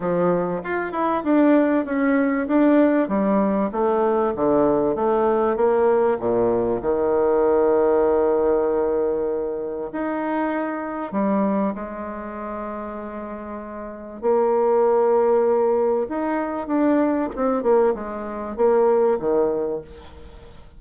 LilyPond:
\new Staff \with { instrumentName = "bassoon" } { \time 4/4 \tempo 4 = 97 f4 f'8 e'8 d'4 cis'4 | d'4 g4 a4 d4 | a4 ais4 ais,4 dis4~ | dis1 |
dis'2 g4 gis4~ | gis2. ais4~ | ais2 dis'4 d'4 | c'8 ais8 gis4 ais4 dis4 | }